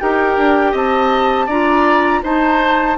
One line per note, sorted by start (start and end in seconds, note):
0.00 0.37 D#4
0.00 1.48 G4
0.00 0.72 A#4
0.00 0.74 G5
0.37 0.74 D4
0.72 1.48 C4
0.72 1.46 D#5
0.72 1.49 A5
1.46 2.22 D4
1.46 2.24 F4
1.46 2.21 D5
1.46 2.23 A#5
2.23 2.98 D#4
2.23 2.98 C5
2.23 2.98 A5